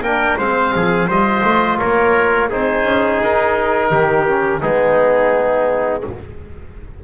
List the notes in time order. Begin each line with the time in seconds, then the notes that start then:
0.00 A#3 D4 A#4 G5
0.37 G#3 C4 C5 F5
0.74 F3 G#4
1.07 G3 F4 C5 D#5
1.44 A3
1.78 A#3 A#4 C#5
2.49 C4 D#4 G#4 C5
2.84 C#4
3.22 D#4 A#4
3.90 D#3 G4
4.27 C#4
4.61 G#3 B3 D#4 G#4